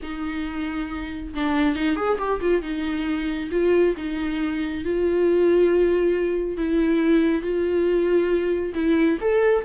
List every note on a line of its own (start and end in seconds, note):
0.02 1.34 D#4
1.34 1.75 D4
1.75 1.96 D#4
1.96 2.18 G#4
2.18 2.40 G4
2.40 2.62 F4
2.62 3.49 D#4
3.51 3.95 F4
3.97 4.84 D#4
4.84 6.57 F4
6.57 7.42 E4
7.42 8.73 F4
8.74 9.18 E4
9.20 9.64 A4